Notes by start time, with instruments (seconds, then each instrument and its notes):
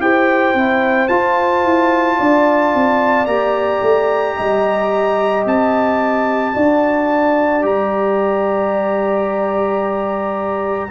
0.00 tuba E4, trombone G4, horn C5, trumpet G5
0.54 tuba C4, trombone E4
1.08 trombone F4, tuba F4, trumpet A5
1.64 tuba E4
2.18 tuba D4, horn D5
2.75 tuba C4
3.26 tuba A#3, trombone G4, trumpet A#5
3.82 tuba A3
4.37 tuba G3, horn D#5
5.46 tuba C4, trumpet A5
6.54 tuba D4, trombone F#4, horn D5
7.62 tuba G3, trombone G4, trumpet A#5